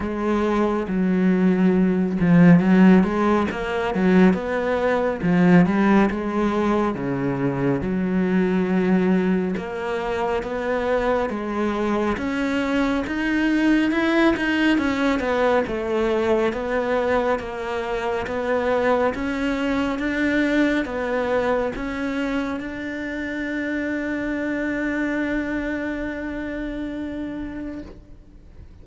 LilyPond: \new Staff \with { instrumentName = "cello" } { \time 4/4 \tempo 4 = 69 gis4 fis4. f8 fis8 gis8 | ais8 fis8 b4 f8 g8 gis4 | cis4 fis2 ais4 | b4 gis4 cis'4 dis'4 |
e'8 dis'8 cis'8 b8 a4 b4 | ais4 b4 cis'4 d'4 | b4 cis'4 d'2~ | d'1 | }